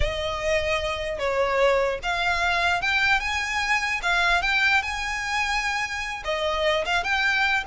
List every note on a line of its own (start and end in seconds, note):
0.00 1.18 D#5
1.18 1.99 C#5
2.02 2.81 F5
2.81 3.20 G5
3.20 4.00 G#5
4.02 4.42 F5
4.42 4.82 G5
4.82 6.23 G#5
6.24 6.84 D#5
6.85 7.03 F5
7.03 7.64 G5